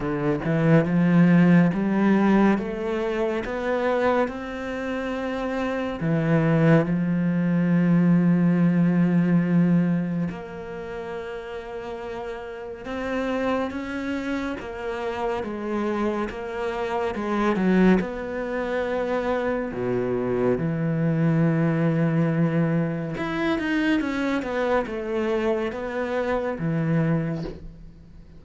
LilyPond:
\new Staff \with { instrumentName = "cello" } { \time 4/4 \tempo 4 = 70 d8 e8 f4 g4 a4 | b4 c'2 e4 | f1 | ais2. c'4 |
cis'4 ais4 gis4 ais4 | gis8 fis8 b2 b,4 | e2. e'8 dis'8 | cis'8 b8 a4 b4 e4 | }